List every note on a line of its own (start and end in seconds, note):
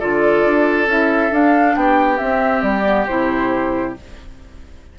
0.00 0.45 D3
0.00 0.88 F4
0.00 1.76 A4
0.00 0.88 D5
0.45 0.87 D4
0.87 1.30 C#4
0.87 1.31 E4
0.87 1.34 E5
1.31 2.18 D4
1.31 1.76 D4
1.31 1.76 F5
1.76 2.20 B3
1.76 3.99 G4
1.76 2.18 G5
2.18 2.84 C4
2.18 2.62 C4
2.18 2.62 E5
2.62 3.06 G3
2.62 3.06 D5
2.84 3.06 B3
3.07 3.96 C3
3.07 3.97 E4
3.07 3.94 C5